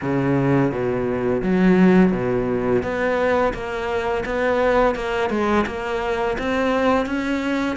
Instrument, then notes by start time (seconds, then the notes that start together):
cello
0.01 C#3
0.71 B2
1.42 F#3
2.12 B2
2.82 B3
3.53 A#3
4.25 B3
4.95 A#3
5.29 G#3
5.66 A#3
6.38 C4
7.06 C#4